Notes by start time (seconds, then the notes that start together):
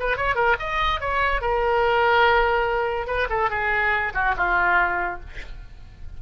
0.00 B4
0.17 C#5
0.36 A#4
0.60 D#5
1.01 C#5
1.42 A#4
3.07 B4
3.30 A4
3.51 G#4
4.14 F#4
4.37 F4